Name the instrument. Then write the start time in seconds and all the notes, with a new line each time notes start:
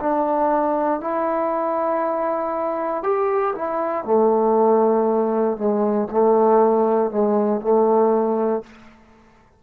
trombone
0.00 D4
1.00 E4
3.03 G4
3.55 E4
4.04 A3
5.57 G#3
6.11 A3
7.10 G#3
7.61 A3